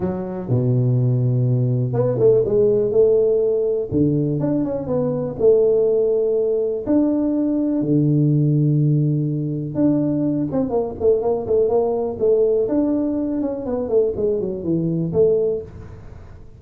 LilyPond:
\new Staff \with { instrumentName = "tuba" } { \time 4/4 \tempo 4 = 123 fis4 b,2. | b8 a8 gis4 a2 | d4 d'8 cis'8 b4 a4~ | a2 d'2 |
d1 | d'4. c'8 ais8 a8 ais8 a8 | ais4 a4 d'4. cis'8 | b8 a8 gis8 fis8 e4 a4 | }